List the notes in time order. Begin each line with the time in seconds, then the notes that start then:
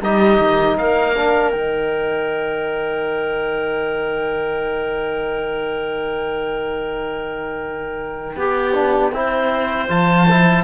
0.00 G3 D#4 G4 D#5
0.39 D#3
0.78 A#3 A#4 F5
1.16 D4
1.51 D#3 D#4 G5
8.36 B3 G4
8.74 D4
9.12 C4 E4 C5
9.89 F3 F4 A5
10.30 E4